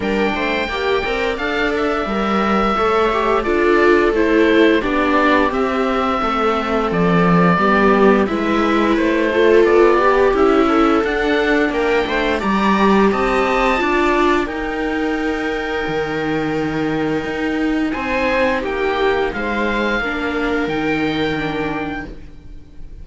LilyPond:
<<
  \new Staff \with { instrumentName = "oboe" } { \time 4/4 \tempo 4 = 87 g''2 f''8 e''4.~ | e''4 d''4 c''4 d''4 | e''2 d''2 | e''4 c''4 d''4 e''4 |
fis''4 g''4 ais''4 a''4~ | a''4 g''2.~ | g''2 gis''4 g''4 | f''2 g''2 | }
  \new Staff \with { instrumentName = "viola" } { \time 4/4 ais'8 c''8 d''2. | cis''4 a'2 g'4~ | g'4 a'2 g'4 | b'4. a'4 g'4 a'8~ |
a'4 ais'8 c''8 d''4 dis''4 | d''4 ais'2.~ | ais'2 c''4 g'4 | c''4 ais'2. | }
  \new Staff \with { instrumentName = "viola" } { \time 4/4 d'4 g'8 ais'8 a'4 ais'4 | a'8 g'8 f'4 e'4 d'4 | c'2. b4 | e'4. f'4 g'8 e'4 |
d'2 g'2 | f'4 dis'2.~ | dis'1~ | dis'4 d'4 dis'4 d'4 | }
  \new Staff \with { instrumentName = "cello" } { \time 4/4 g8 a8 ais8 c'8 d'4 g4 | a4 d'4 a4 b4 | c'4 a4 f4 g4 | gis4 a4 b4 cis'4 |
d'4 ais8 a8 g4 c'4 | d'4 dis'2 dis4~ | dis4 dis'4 c'4 ais4 | gis4 ais4 dis2 | }
>>